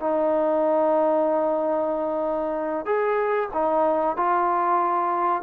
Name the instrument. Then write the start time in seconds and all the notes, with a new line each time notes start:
trombone
0.00 D#4
2.86 G#4
3.54 D#4
4.17 F4